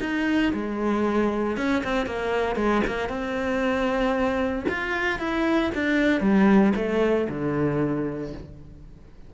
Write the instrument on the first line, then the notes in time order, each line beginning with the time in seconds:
cello
0.00 D#4
0.53 G#3
1.57 C#4
1.83 C4
2.06 A#3
2.56 G#3
2.86 A#3
3.09 C4
4.68 F4
5.19 E4
5.74 D4
6.20 G3
6.75 A3
7.29 D3